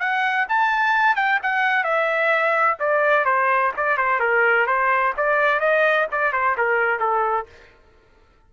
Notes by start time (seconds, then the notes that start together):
0.00 F#5
0.49 A5
1.16 G5
1.43 F#5
1.84 E5
2.80 D5
3.26 C5
3.77 D5
3.98 C5
4.20 A#4
4.67 C5
5.18 D5
5.60 D#5
6.12 D5
6.33 C5
6.58 A#4
7.00 A4